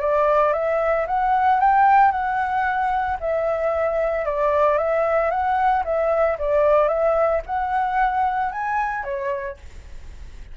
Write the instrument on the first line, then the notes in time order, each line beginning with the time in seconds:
flute
0.00 D5
0.53 E5
1.07 F#5
1.60 G5
2.11 F#5
3.20 E5
4.25 D5
4.78 E5
5.30 F#5
5.85 E5
6.39 D5
6.88 E5
7.46 F#5
8.51 G#5
9.04 C#5